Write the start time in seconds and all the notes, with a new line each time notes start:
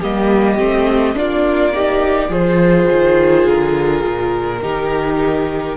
0.00 G3 A#3 G4 D#5
0.58 A3 C4
1.15 A#3 D4 F4 D5
1.74 D#4 G4
2.29 F3 F4 G#4 C5
2.92 D#3
3.47 D3 A#4
4.06 A#2
4.62 D#3 D#4 G4